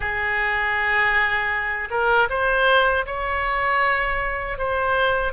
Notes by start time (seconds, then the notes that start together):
0.00 G#4
1.90 A#4
2.29 C5
3.06 C#5
4.57 C5